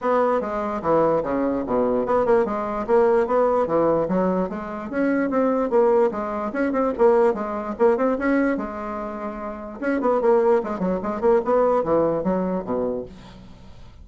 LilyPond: \new Staff \with { instrumentName = "bassoon" } { \time 4/4 \tempo 4 = 147 b4 gis4 e4 cis4 | b,4 b8 ais8 gis4 ais4 | b4 e4 fis4 gis4 | cis'4 c'4 ais4 gis4 |
cis'8 c'8 ais4 gis4 ais8 c'8 | cis'4 gis2. | cis'8 b8 ais4 gis8 fis8 gis8 ais8 | b4 e4 fis4 b,4 | }